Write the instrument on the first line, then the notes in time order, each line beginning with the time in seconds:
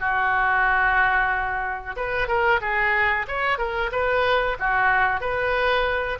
oboe
0.00 F#4
1.97 B4
2.28 A#4
2.61 G#4
3.28 C#5
3.58 A#4
3.92 B4
4.59 F#4
5.21 B4